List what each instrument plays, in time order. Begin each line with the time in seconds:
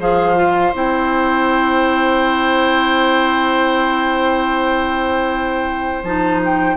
0.00 bassoon F3, clarinet G#4, oboe C5, flute F5
0.36 clarinet F4
0.74 bassoon C4, clarinet E4, flute G5
6.03 bassoon F3, clarinet D#4, flute A5
6.45 flute G5